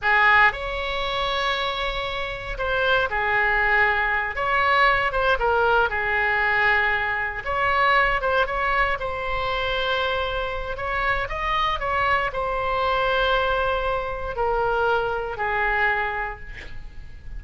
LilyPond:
\new Staff \with { instrumentName = "oboe" } { \time 4/4 \tempo 4 = 117 gis'4 cis''2.~ | cis''4 c''4 gis'2~ | gis'8 cis''4. c''8 ais'4 gis'8~ | gis'2~ gis'8 cis''4. |
c''8 cis''4 c''2~ c''8~ | c''4 cis''4 dis''4 cis''4 | c''1 | ais'2 gis'2 | }